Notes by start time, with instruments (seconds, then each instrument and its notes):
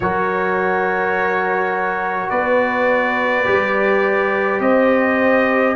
0.00 tuba F#3, trombone F#4, horn A#4, trumpet C#5
2.29 tuba B3, horn B4, trumpet D5
3.44 tuba G3, trombone G4
4.59 tuba C4, horn C5, trumpet D#5